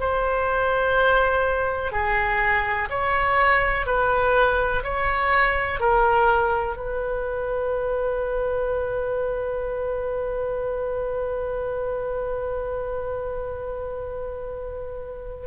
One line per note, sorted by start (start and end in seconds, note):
0.00 1.92 C5
1.92 2.89 G#4
2.90 3.87 C#5
3.87 4.83 B4
4.84 5.80 C#5
5.80 6.77 A#4
6.77 15.47 B4